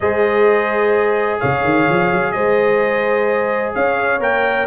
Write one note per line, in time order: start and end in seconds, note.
0.00 1.41 G#3
0.00 4.20 G#4
0.00 1.40 C5
0.00 1.40 D#5
1.40 1.63 C#3
1.40 2.33 C#5
1.40 2.31 F5
1.63 1.87 D#3
1.89 2.11 F3
2.11 2.33 F#3
2.31 3.74 G#3
2.31 3.75 C5
2.31 3.72 D#5
3.75 4.19 C#4
3.75 4.66 C#5
3.75 4.21 F5
4.19 4.66 A#3
4.19 4.66 A#4
4.19 4.66 G5